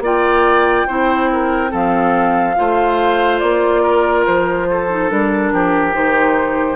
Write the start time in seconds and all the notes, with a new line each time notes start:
0.00 A#3 F4 D5 G5
0.87 C4 E4 C5
1.33 A#4
1.70 F3 C4 A4 F5
2.56 A3 F4 C5
3.40 A#3 D5
3.83 A#4
4.26 F3 C5
4.71 A4
4.89 D#4
5.10 G3 D4 A#4
5.53 F3 G4
5.93 D#3 D#4 C5